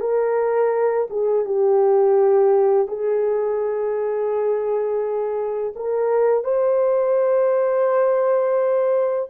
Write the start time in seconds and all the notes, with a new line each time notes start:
0.00 A#4
1.10 G#4
1.45 G4
2.87 G#4
5.75 A#4
6.44 C5